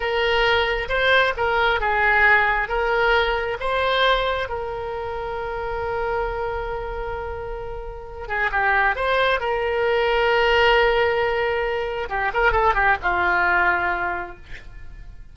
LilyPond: \new Staff \with { instrumentName = "oboe" } { \time 4/4 \tempo 4 = 134 ais'2 c''4 ais'4 | gis'2 ais'2 | c''2 ais'2~ | ais'1~ |
ais'2~ ais'8 gis'8 g'4 | c''4 ais'2.~ | ais'2. g'8 ais'8 | a'8 g'8 f'2. | }